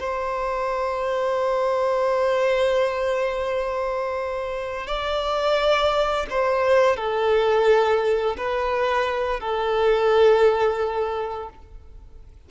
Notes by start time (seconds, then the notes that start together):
0.00 C5
4.87 D5
6.30 C5
6.97 A4
8.38 B4
9.40 A4